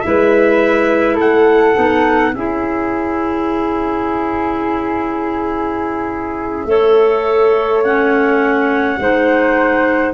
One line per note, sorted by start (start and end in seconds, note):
0.00 1.75 E4
0.00 1.15 E5
0.06 1.18 G#3
0.06 1.15 B4
1.15 1.76 A3
1.15 2.30 A4
1.15 2.34 F#5
1.75 2.34 B3
1.75 2.33 D#4
2.34 6.65 C#4
2.34 6.68 E4
2.34 6.68 G#4
2.34 7.82 E5
6.65 8.96 A3
6.65 7.83 A4
6.65 8.99 C#5
7.84 9.00 C#4
7.84 10.13 F#5
8.99 10.13 G#3
8.99 10.13 D#4
8.99 10.13 C5